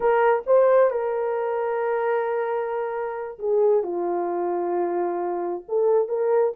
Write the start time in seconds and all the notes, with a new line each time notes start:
0.00 A#4
0.46 C5
0.90 A#4
3.38 G#4
3.83 F4
5.68 A4
6.08 A#4